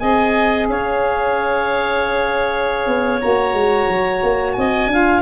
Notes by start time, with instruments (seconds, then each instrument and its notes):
0.00 tuba C4, saxophone G#4, clarinet D#5, oboe G#5
0.69 tuba C#4, clarinet C#5, oboe F5
2.87 tuba B3
3.22 tuba A#3, saxophone F#4, oboe A#5
3.54 tuba G#3
3.89 tuba F#3
4.23 tuba A#3
4.54 tuba C4, clarinet D#5, oboe G#5
4.87 tuba D4, saxophone F4, clarinet F5